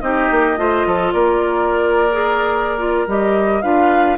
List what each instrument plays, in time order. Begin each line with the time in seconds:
0.00 bassoon C4, clarinet D#4, oboe G4, flute D#5
0.31 bassoon A#3
0.56 bassoon A3, clarinet F4, oboe C5
0.85 bassoon F3, oboe A4
1.12 bassoon A#3, oboe A#4, flute D5
2.11 clarinet G#4
2.78 clarinet F4
3.07 bassoon G3, clarinet G4, flute D#5
3.61 bassoon D4, clarinet F4, oboe B4, flute F5